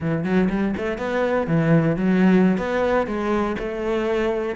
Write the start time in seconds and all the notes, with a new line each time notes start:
0.00 E3
0.24 F#3
0.49 G3
0.76 A3
0.98 B3
1.47 E3
1.96 F#3
2.57 B3
3.06 G#3
3.59 A3